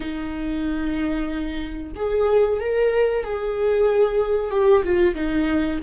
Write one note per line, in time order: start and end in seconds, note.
0.00 1.92 D#4
1.95 2.60 G#4
2.60 3.23 A#4
3.23 4.50 G#4
4.50 4.83 G4
4.83 5.14 F4
5.14 5.79 D#4